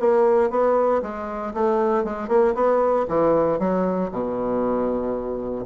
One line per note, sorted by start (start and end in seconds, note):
0.00 0.51 A#3
0.51 1.02 B3
1.02 1.54 G#3
1.54 2.04 A3
2.04 2.29 G#3
2.29 2.54 A#3
2.55 3.06 B3
3.08 3.59 E3
3.59 4.10 F#3
4.11 5.65 B2